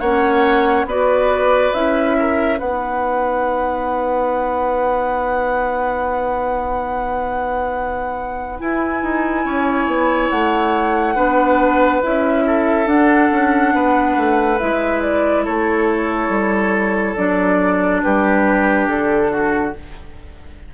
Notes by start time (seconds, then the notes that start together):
0.00 A#3 C#4 C#5 F#5
0.85 B3 F#4 B4 D5
1.74 C#4 E4 E5
2.19 A#4
2.59 B3 D#4 B4 F#5
8.59 E4 G#5
9.03 D#4
9.45 C#4 C#5
9.87 B3
10.30 A3 F#5
11.15 B3 D4 B4
12.03 C#4 E4 E5
12.47 A4
12.86 D4 F#5
13.32 C#4
13.74 B3 B4
14.17 A3
14.59 G#3 E4 E5
15.02 D5
15.45 A3 A4 C#5
16.29 G3
17.16 F#3 D4 D5
18.03 G3 G4 B4
18.88 D3 A4
19.31 F#4